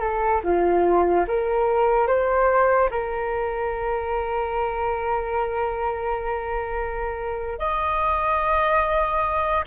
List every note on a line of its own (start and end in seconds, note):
0.00 0.41 A4
0.43 1.26 F4
1.27 2.07 A#4
2.07 2.89 C5
2.90 7.59 A#4
7.59 9.64 D#5